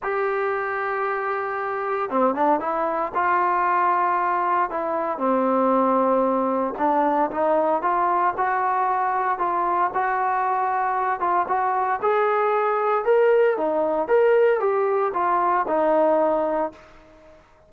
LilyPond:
\new Staff \with { instrumentName = "trombone" } { \time 4/4 \tempo 4 = 115 g'1 | c'8 d'8 e'4 f'2~ | f'4 e'4 c'2~ | c'4 d'4 dis'4 f'4 |
fis'2 f'4 fis'4~ | fis'4. f'8 fis'4 gis'4~ | gis'4 ais'4 dis'4 ais'4 | g'4 f'4 dis'2 | }